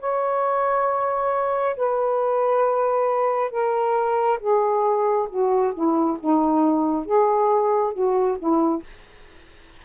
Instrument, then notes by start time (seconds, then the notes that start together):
saxophone
0.00 C#5
1.77 B4
3.51 A#4
4.40 G#4
5.30 F#4
5.74 E4
6.20 D#4
7.06 G#4
7.94 F#4
8.39 E4